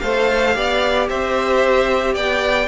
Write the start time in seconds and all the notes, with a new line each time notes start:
0.00 A3 A4 C5 F5
0.55 B3 G4 D5
1.09 C4 C5 E5
2.14 B3 D5 G5